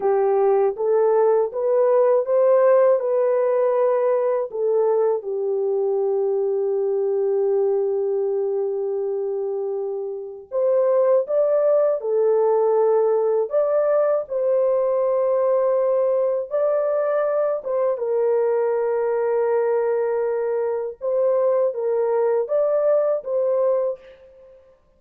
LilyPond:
\new Staff \with { instrumentName = "horn" } { \time 4/4 \tempo 4 = 80 g'4 a'4 b'4 c''4 | b'2 a'4 g'4~ | g'1~ | g'2 c''4 d''4 |
a'2 d''4 c''4~ | c''2 d''4. c''8 | ais'1 | c''4 ais'4 d''4 c''4 | }